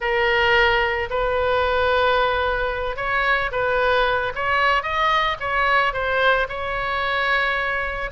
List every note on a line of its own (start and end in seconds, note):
0.00 1.09 A#4
1.10 2.96 B4
2.96 3.50 C#5
3.51 4.32 B4
4.35 4.83 C#5
4.83 5.37 D#5
5.40 5.93 C#5
5.93 6.47 C5
6.48 8.11 C#5